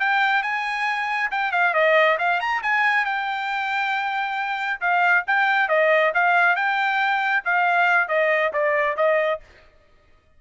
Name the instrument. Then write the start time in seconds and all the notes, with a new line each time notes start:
trumpet
0.00 G5
0.43 G#5
1.31 G5
1.52 F5
1.74 D#5
2.19 F5
2.40 A#5
2.63 G#5
3.05 G5
4.81 F5
5.28 G5
5.69 D#5
6.15 F5
6.56 G5
7.45 F5
8.08 D#5
8.53 D5
8.97 D#5